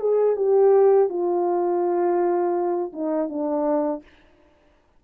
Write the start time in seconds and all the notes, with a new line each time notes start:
0.00 G#4
0.36 G4
1.09 F4
2.93 D#4
3.29 D4